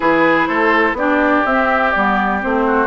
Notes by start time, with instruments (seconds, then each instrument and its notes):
0.00 bassoon E3, clarinet E4, oboe G#4, flute B4
0.46 bassoon A3, oboe A4, flute C5
0.93 bassoon B3, clarinet D4, oboe G4, flute D5
1.45 bassoon C4, clarinet C4, flute E5
1.90 bassoon G3, clarinet B3, flute D5
2.40 bassoon A3, clarinet C4, flute C5
2.66 oboe F#4